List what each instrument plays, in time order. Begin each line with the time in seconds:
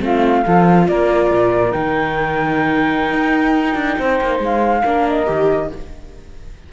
0.00 cello A3, viola C4, saxophone F4, flute F5
0.44 cello F3, viola F4, saxophone A4
0.88 cello A#3, saxophone A#4, flute D5
1.31 cello A#2
1.72 cello D#3, viola D#4, flute G5
3.13 cello D#4
3.75 cello D4
3.99 cello C4, saxophone C5
4.21 cello A#3
4.40 cello G#3, flute F5
4.84 cello A#3, viola D4, saxophone A#4
5.08 flute D#5
5.26 cello D#3, viola G4